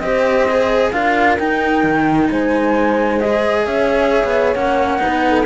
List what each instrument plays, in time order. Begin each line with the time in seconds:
0.00 cello C4 G4, horn C5, flute D#5
0.49 cello G#4
0.92 cello D4 F4, horn A#4, flute F5
1.39 cello D#4, flute G5
1.84 cello D#3
2.30 cello G#3, horn C5, flute G#5
3.20 cello G#4, flute D#5
3.65 cello C#4, horn C#5, flute E5
4.24 cello B3
4.54 cello A#3 C#4, flute F#5
4.99 cello D#4, horn B4
5.06 cello B3
5.29 horn A4